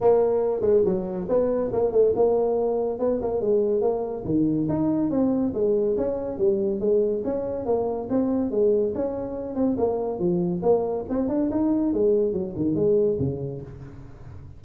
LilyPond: \new Staff \with { instrumentName = "tuba" } { \time 4/4 \tempo 4 = 141 ais4. gis8 fis4 b4 | ais8 a8 ais2 b8 ais8 | gis4 ais4 dis4 dis'4 | c'4 gis4 cis'4 g4 |
gis4 cis'4 ais4 c'4 | gis4 cis'4. c'8 ais4 | f4 ais4 c'8 d'8 dis'4 | gis4 fis8 dis8 gis4 cis4 | }